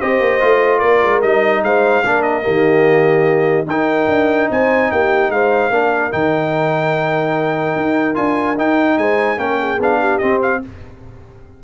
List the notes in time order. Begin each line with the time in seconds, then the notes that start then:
0.00 C4 G4 C5 D#5
0.21 A#3
0.41 A3 F4
0.79 A#3 A#4 D5
1.03 G#3
1.22 G3 D#4 D#5
1.63 G#3 C5 F5
2.04 A#3 D4 A#4
2.23 D#5
2.43 D#3 A#3 G4
3.67 D#4 A#4 G5
4.08 D4
4.50 C4 C5 G#5
4.92 A#3 G4 G5
5.30 G#3 C5 F5
5.70 A#3 D4 A#4
6.11 D#3 D#4 G5
7.76 D#4
8.14 D4 F4 G#5
8.58 D#4 G5
8.98 G#3 C5 G#5
9.37 A#3 C#4 A#4 G5
9.59 G#4
9.79 B3 D4 F5
10.00 G4
10.19 C4 D#5
10.43 F5